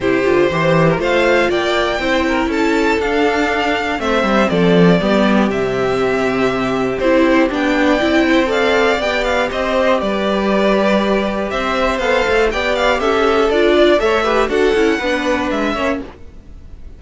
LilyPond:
<<
  \new Staff \with { instrumentName = "violin" } { \time 4/4 \tempo 4 = 120 c''2 f''4 g''4~ | g''4 a''4 f''2 | e''4 d''2 e''4~ | e''2 c''4 g''4~ |
g''4 f''4 g''8 f''8 dis''4 | d''2. e''4 | f''4 g''8 f''8 e''4 d''4 | e''4 fis''2 e''4 | }
  \new Staff \with { instrumentName = "violin" } { \time 4/4 g'4 c''8. ais'16 c''4 d''4 | c''8 ais'8 a'2. | c''4 a'4 g'2~ | g'2.~ g'8. d''16~ |
d''8 c''8 d''2 c''4 | b'2. c''4~ | c''4 d''4 a'4. d''8 | cis''8 b'8 a'4 b'4. cis''8 | }
  \new Staff \with { instrumentName = "viola" } { \time 4/4 e'8 f'8 g'4 f'2 | e'2 d'2 | c'2 b4 c'4~ | c'2 e'4 d'4 |
e'4 a'4 g'2~ | g'1 | a'4 g'2 f'4 | a'8 g'8 fis'8 e'8 d'4. cis'8 | }
  \new Staff \with { instrumentName = "cello" } { \time 4/4 c8 d8 e4 a4 ais4 | c'4 cis'4 d'2 | a8 g8 f4 g4 c4~ | c2 c'4 b4 |
c'2 b4 c'4 | g2. c'4 | b8 a8 b4 cis'4 d'4 | a4 d'8 cis'8 b4 gis8 ais8 | }
>>